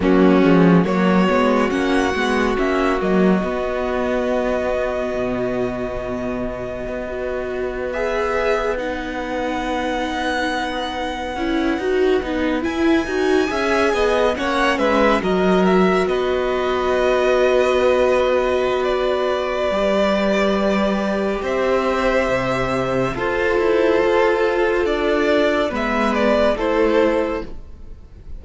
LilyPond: <<
  \new Staff \with { instrumentName = "violin" } { \time 4/4 \tempo 4 = 70 fis'4 cis''4 fis''4 e''8 dis''8~ | dis''1~ | dis''4~ dis''16 e''4 fis''4.~ fis''16~ | fis''2~ fis''8. gis''4~ gis''16~ |
gis''8. fis''8 e''8 dis''8 e''8 dis''4~ dis''16~ | dis''2 d''2~ | d''4 e''2 c''4~ | c''4 d''4 e''8 d''8 c''4 | }
  \new Staff \with { instrumentName = "violin" } { \time 4/4 cis'4 fis'2.~ | fis'1~ | fis'16 b'2.~ b'8.~ | b'2.~ b'8. e''16~ |
e''16 dis''8 cis''8 b'8 ais'4 b'4~ b'16~ | b'1~ | b'4 c''2 a'4~ | a'2 b'4 a'4 | }
  \new Staff \with { instrumentName = "viola" } { \time 4/4 ais8 gis8 ais8 b8 cis'8 b8 cis'8 ais8 | b1~ | b16 fis'4 gis'4 dis'4.~ dis'16~ | dis'4~ dis'16 e'8 fis'8 dis'8 e'8 fis'8 gis'16~ |
gis'8. cis'4 fis'2~ fis'16~ | fis'2. g'4~ | g'2. f'4~ | f'2 b4 e'4 | }
  \new Staff \with { instrumentName = "cello" } { \time 4/4 fis8 f8 fis8 gis8 ais8 gis8 ais8 fis8 | b2 b,2 | b1~ | b4~ b16 cis'8 dis'8 b8 e'8 dis'8 cis'16~ |
cis'16 b8 ais8 gis8 fis4 b4~ b16~ | b2. g4~ | g4 c'4 c4 f'8 e'8 | f'4 d'4 gis4 a4 | }
>>